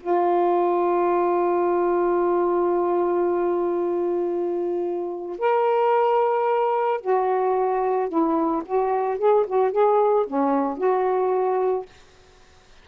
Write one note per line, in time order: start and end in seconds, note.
0.00 5.38 F4
5.38 7.00 A#4
7.00 8.08 F#4
8.08 8.62 E4
8.65 9.18 F#4
9.18 9.45 G#4
9.46 9.71 F#4
9.71 10.25 G#4
10.26 10.77 C#4
10.77 11.85 F#4